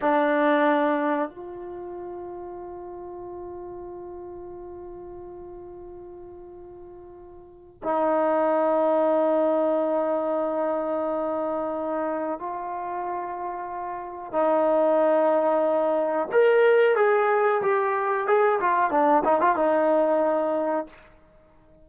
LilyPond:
\new Staff \with { instrumentName = "trombone" } { \time 4/4 \tempo 4 = 92 d'2 f'2~ | f'1~ | f'1 | dis'1~ |
dis'2. f'4~ | f'2 dis'2~ | dis'4 ais'4 gis'4 g'4 | gis'8 f'8 d'8 dis'16 f'16 dis'2 | }